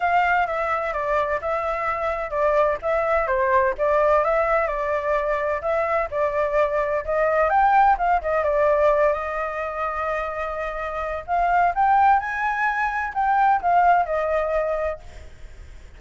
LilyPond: \new Staff \with { instrumentName = "flute" } { \time 4/4 \tempo 4 = 128 f''4 e''4 d''4 e''4~ | e''4 d''4 e''4 c''4 | d''4 e''4 d''2 | e''4 d''2 dis''4 |
g''4 f''8 dis''8 d''4. dis''8~ | dis''1 | f''4 g''4 gis''2 | g''4 f''4 dis''2 | }